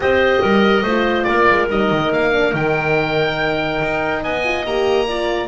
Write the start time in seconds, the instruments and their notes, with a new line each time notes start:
0.00 double bass C4, horn G4, clarinet C5, oboe D#5
0.42 double bass G3, clarinet A#4
0.82 double bass A3, horn F4, clarinet C5
1.23 double bass A#3, clarinet A#4, oboe D5
1.50 double bass G#3
1.69 double bass G3, horn D#4, oboe D#5
1.90 double bass D#3
2.12 double bass A#3, oboe F5
2.32 horn D4
2.51 double bass D#3, horn D#4, oboe G5
3.81 double bass D#4
4.22 double bass B3, clarinet D#5, oboe G#5
4.44 horn F4
4.65 double bass A#3, horn G4, oboe A#5
5.07 horn F4, clarinet D5